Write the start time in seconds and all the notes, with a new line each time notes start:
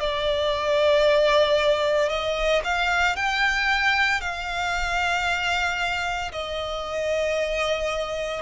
0.00 D5
2.09 D#5
2.64 F5
3.16 G5
4.21 F5
6.32 D#5